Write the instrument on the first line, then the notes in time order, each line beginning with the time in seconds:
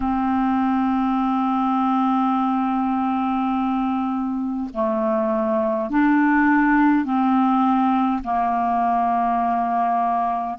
clarinet
0.00 C4
4.73 A3
5.89 D4
7.04 C4
8.24 A#3